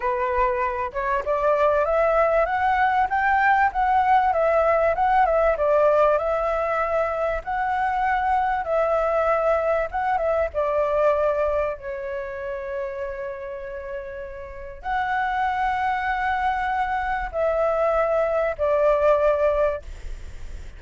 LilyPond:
\new Staff \with { instrumentName = "flute" } { \time 4/4 \tempo 4 = 97 b'4. cis''8 d''4 e''4 | fis''4 g''4 fis''4 e''4 | fis''8 e''8 d''4 e''2 | fis''2 e''2 |
fis''8 e''8 d''2 cis''4~ | cis''1 | fis''1 | e''2 d''2 | }